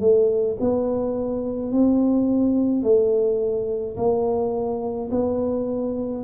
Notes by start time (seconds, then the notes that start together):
0.00 A3
0.60 B3
1.71 C4
2.83 A3
3.96 A#3
5.11 B3